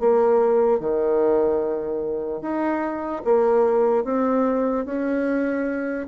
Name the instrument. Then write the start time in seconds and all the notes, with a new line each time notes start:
bassoon
0.00 A#3
0.80 D#3
2.41 D#4
3.25 A#3
4.05 C4
4.85 C#4